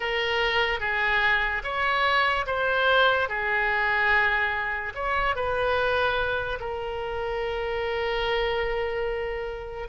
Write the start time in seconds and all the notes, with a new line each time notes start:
0.00 A#4
0.80 G#4
1.63 C#5
2.46 C5
3.28 G#4
4.95 C#5
5.35 B4
6.59 A#4